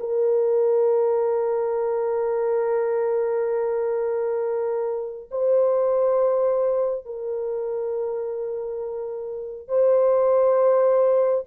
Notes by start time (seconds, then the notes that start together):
0.00 A#4
5.31 C5
7.05 A#4
9.68 C5